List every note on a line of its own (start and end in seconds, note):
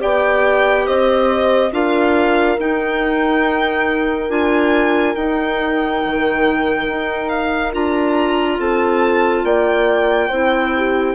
0.00 0.88 B3
0.00 1.71 G4
0.00 0.87 D5
0.00 0.87 G5
0.87 1.72 C4
0.87 1.73 C5
0.87 1.73 D#5
1.72 2.58 D4
1.72 2.58 F4
1.72 8.60 A#4
1.72 2.60 F5
2.59 4.30 D#4
2.59 4.31 G5
4.30 5.15 D4
4.30 5.15 F4
4.30 5.16 G#5
5.16 7.73 D#4
5.16 6.02 D#4
5.16 7.30 G5
6.05 6.89 D#3
6.89 7.74 D#4
7.30 7.72 F5
7.73 8.60 D4
7.73 10.30 F4
7.73 8.60 A#5
8.60 9.44 C4
8.60 9.46 A4
8.60 9.46 A5
9.44 10.30 A#3
9.44 10.29 D5
9.44 11.15 G5
10.29 11.15 C4
10.29 11.15 E4
10.29 10.72 C5
10.77 11.15 G4